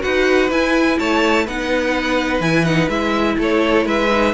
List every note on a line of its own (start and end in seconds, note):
0.00 0.50 D#4
0.00 0.48 F#4
0.00 0.98 B4
0.00 0.50 F#5
0.50 0.98 E4
0.50 1.46 E4
0.50 0.98 G#5
0.98 1.47 A3
0.98 1.44 C#5
0.98 1.47 A5
1.44 2.40 B3
1.44 2.42 D#4
1.44 3.36 B4
1.44 2.41 F#5
2.40 2.88 E3
2.40 2.65 E4
2.40 2.65 G#5
2.65 2.89 D#4
2.65 2.89 F#5
2.89 3.37 G#3
2.89 4.09 E4
2.89 3.37 E5
3.37 3.85 A3
3.37 3.86 A4
3.37 3.87 C#5
3.85 4.33 G#3
3.85 4.34 B4
3.85 4.34 E5
4.10 4.34 D#4